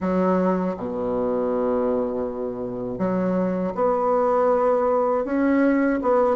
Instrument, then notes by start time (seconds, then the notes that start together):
bassoon
0.00 F#3
0.76 B2
2.98 F#3
3.75 B3
5.24 C#4
6.02 B3